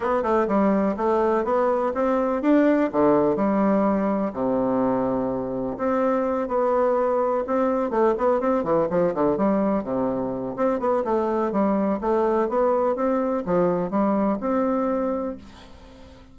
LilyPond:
\new Staff \with { instrumentName = "bassoon" } { \time 4/4 \tempo 4 = 125 b8 a8 g4 a4 b4 | c'4 d'4 d4 g4~ | g4 c2. | c'4. b2 c'8~ |
c'8 a8 b8 c'8 e8 f8 d8 g8~ | g8 c4. c'8 b8 a4 | g4 a4 b4 c'4 | f4 g4 c'2 | }